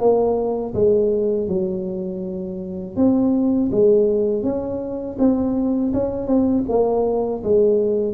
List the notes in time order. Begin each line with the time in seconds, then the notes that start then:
0.00 A#3
0.74 G#3
1.48 F#3
2.96 C4
3.71 G#3
4.43 C#4
5.19 C4
5.94 C#4
6.27 C4
6.69 A#3
7.43 G#3